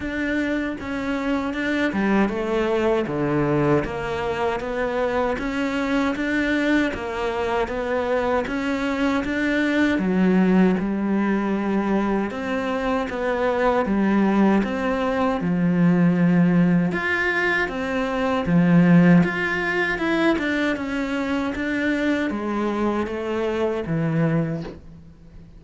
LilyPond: \new Staff \with { instrumentName = "cello" } { \time 4/4 \tempo 4 = 78 d'4 cis'4 d'8 g8 a4 | d4 ais4 b4 cis'4 | d'4 ais4 b4 cis'4 | d'4 fis4 g2 |
c'4 b4 g4 c'4 | f2 f'4 c'4 | f4 f'4 e'8 d'8 cis'4 | d'4 gis4 a4 e4 | }